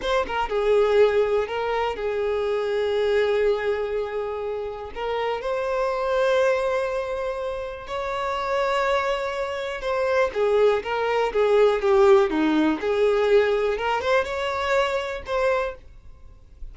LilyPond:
\new Staff \with { instrumentName = "violin" } { \time 4/4 \tempo 4 = 122 c''8 ais'8 gis'2 ais'4 | gis'1~ | gis'2 ais'4 c''4~ | c''1 |
cis''1 | c''4 gis'4 ais'4 gis'4 | g'4 dis'4 gis'2 | ais'8 c''8 cis''2 c''4 | }